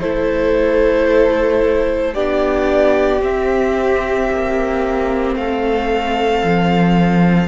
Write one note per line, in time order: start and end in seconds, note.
0.00 2.14 A3
0.00 2.15 E4
0.00 2.14 A4
0.00 2.14 C5
2.14 3.21 B3
2.14 3.20 D4
2.14 5.35 G4
2.14 3.21 D5
3.20 7.48 C4
3.20 4.28 C4
3.20 5.35 E5
4.31 5.35 A#3
5.35 6.42 A3
5.35 7.48 A4
5.35 7.48 F5
6.43 7.48 F3